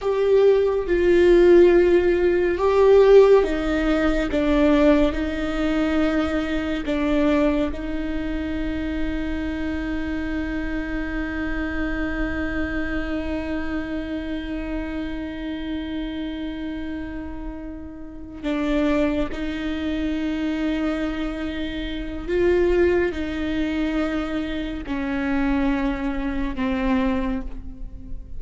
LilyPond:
\new Staff \with { instrumentName = "viola" } { \time 4/4 \tempo 4 = 70 g'4 f'2 g'4 | dis'4 d'4 dis'2 | d'4 dis'2.~ | dis'1~ |
dis'1~ | dis'4. d'4 dis'4.~ | dis'2 f'4 dis'4~ | dis'4 cis'2 c'4 | }